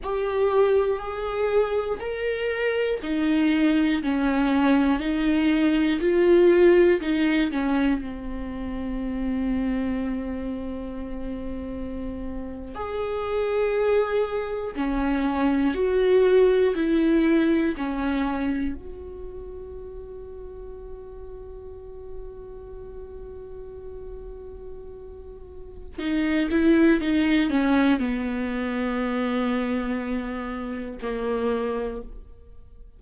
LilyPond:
\new Staff \with { instrumentName = "viola" } { \time 4/4 \tempo 4 = 60 g'4 gis'4 ais'4 dis'4 | cis'4 dis'4 f'4 dis'8 cis'8 | c'1~ | c'8. gis'2 cis'4 fis'16~ |
fis'8. e'4 cis'4 fis'4~ fis'16~ | fis'1~ | fis'2 dis'8 e'8 dis'8 cis'8 | b2. ais4 | }